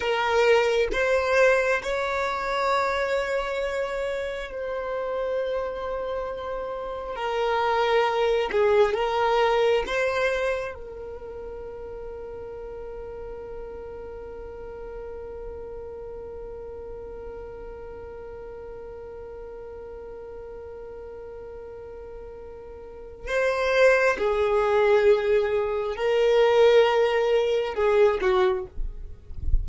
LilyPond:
\new Staff \with { instrumentName = "violin" } { \time 4/4 \tempo 4 = 67 ais'4 c''4 cis''2~ | cis''4 c''2. | ais'4. gis'8 ais'4 c''4 | ais'1~ |
ais'1~ | ais'1~ | ais'2 c''4 gis'4~ | gis'4 ais'2 gis'8 fis'8 | }